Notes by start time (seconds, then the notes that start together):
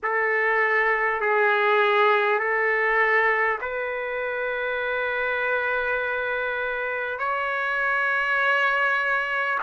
0.02 A4
1.21 G#4
2.39 A4
3.61 B4
7.18 C#5